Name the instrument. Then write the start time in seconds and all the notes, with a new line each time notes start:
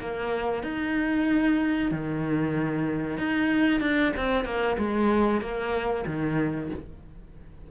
cello
0.00 A#3
0.63 D#4
1.91 D#3
3.18 D#4
3.80 D4
4.16 C4
4.44 A#3
4.78 G#3
5.41 A#3
6.06 D#3